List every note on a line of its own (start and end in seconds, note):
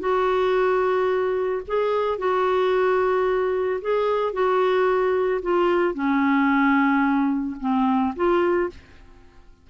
0.00 1.62 F#4
1.68 2.19 G#4
2.19 3.81 F#4
3.82 4.33 G#4
4.33 5.42 F#4
5.43 5.95 F4
5.95 7.57 C#4
7.61 8.15 C4
8.16 8.70 F4